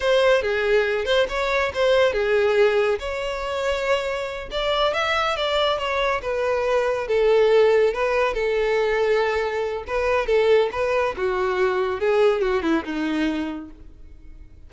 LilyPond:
\new Staff \with { instrumentName = "violin" } { \time 4/4 \tempo 4 = 140 c''4 gis'4. c''8 cis''4 | c''4 gis'2 cis''4~ | cis''2~ cis''8 d''4 e''8~ | e''8 d''4 cis''4 b'4.~ |
b'8 a'2 b'4 a'8~ | a'2. b'4 | a'4 b'4 fis'2 | gis'4 fis'8 e'8 dis'2 | }